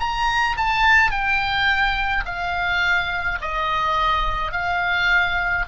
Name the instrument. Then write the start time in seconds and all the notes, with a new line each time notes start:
oboe
0.00 A#5
0.58 A5
1.11 G5
2.26 F5
3.42 D#5
4.52 F5